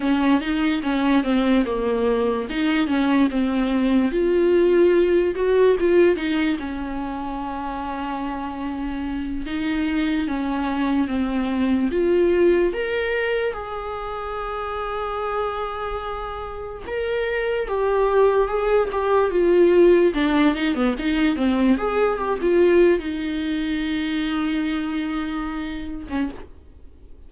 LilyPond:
\new Staff \with { instrumentName = "viola" } { \time 4/4 \tempo 4 = 73 cis'8 dis'8 cis'8 c'8 ais4 dis'8 cis'8 | c'4 f'4. fis'8 f'8 dis'8 | cis'2.~ cis'8 dis'8~ | dis'8 cis'4 c'4 f'4 ais'8~ |
ais'8 gis'2.~ gis'8~ | gis'8 ais'4 g'4 gis'8 g'8 f'8~ | f'8 d'8 dis'16 b16 dis'8 c'8 gis'8 g'16 f'8. | dis'2.~ dis'8. cis'16 | }